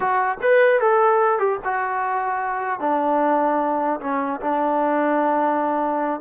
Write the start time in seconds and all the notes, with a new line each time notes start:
0.00 F#4
0.42 B4
0.80 A4
1.39 G4
1.64 F#4
2.80 D4
4.00 C#4
4.41 D4